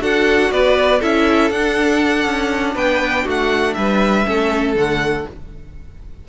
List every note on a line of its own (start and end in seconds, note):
0.00 0.51 D4
0.00 1.00 F#4
0.00 0.52 A4
0.00 0.52 F#5
0.52 1.02 B3
0.52 0.99 B4
0.52 1.02 D5
0.99 1.51 C#4
0.99 1.52 E4
0.99 2.74 A4
0.99 1.51 E5
1.51 2.26 D4
1.51 4.26 D4
1.51 2.76 F#5
2.26 2.76 C#4
2.75 3.26 B3
2.75 3.25 B4
2.75 3.27 G5
3.25 3.76 A3
3.25 3.75 F#4
3.25 3.74 F#5
3.74 4.27 G3
3.74 4.28 B4
3.74 4.74 E5
4.26 4.76 A3
4.26 4.76 C#4
4.26 5.29 A4
4.76 5.26 D3
4.76 5.26 A3
4.76 5.28 F#5